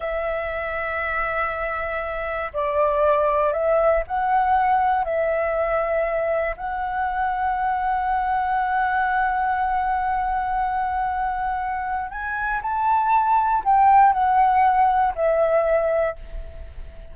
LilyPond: \new Staff \with { instrumentName = "flute" } { \time 4/4 \tempo 4 = 119 e''1~ | e''4 d''2 e''4 | fis''2 e''2~ | e''4 fis''2.~ |
fis''1~ | fis''1 | gis''4 a''2 g''4 | fis''2 e''2 | }